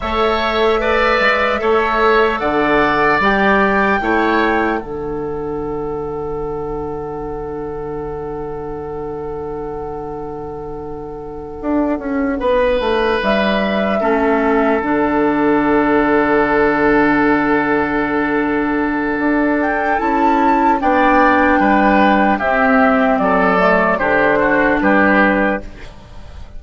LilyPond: <<
  \new Staff \with { instrumentName = "flute" } { \time 4/4 \tempo 4 = 75 e''2. fis''4 | g''2 fis''2~ | fis''1~ | fis''1~ |
fis''8 e''2 fis''4.~ | fis''1~ | fis''8 g''8 a''4 g''2 | e''4 d''4 c''4 b'4 | }
  \new Staff \with { instrumentName = "oboe" } { \time 4/4 cis''4 d''4 cis''4 d''4~ | d''4 cis''4 a'2~ | a'1~ | a'2.~ a'8 b'8~ |
b'4. a'2~ a'8~ | a'1~ | a'2 d''4 b'4 | g'4 a'4 g'8 fis'8 g'4 | }
  \new Staff \with { instrumentName = "clarinet" } { \time 4/4 a'4 b'4 a'2 | g'4 e'4 d'2~ | d'1~ | d'1~ |
d'4. cis'4 d'4.~ | d'1~ | d'4 e'4 d'2 | c'4. a8 d'2 | }
  \new Staff \with { instrumentName = "bassoon" } { \time 4/4 a4. gis8 a4 d4 | g4 a4 d2~ | d1~ | d2~ d8 d'8 cis'8 b8 |
a8 g4 a4 d4.~ | d1 | d'4 cis'4 b4 g4 | c'4 fis4 d4 g4 | }
>>